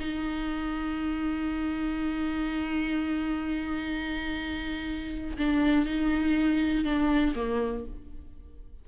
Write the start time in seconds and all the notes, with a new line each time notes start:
0.00 D#4
5.38 D4
5.86 D#4
6.85 D4
7.35 A#3